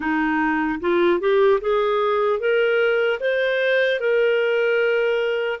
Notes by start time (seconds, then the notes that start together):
0.00 D#4
0.80 F4
1.20 G4
1.60 G#4
2.39 A#4
3.20 C5
4.00 A#4